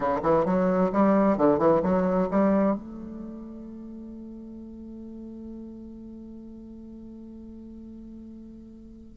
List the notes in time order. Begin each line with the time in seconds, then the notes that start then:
0.00 D3
0.22 E3
0.45 F#3
0.92 G3
1.37 D3
1.58 E3
1.82 F#3
2.30 G3
2.75 A3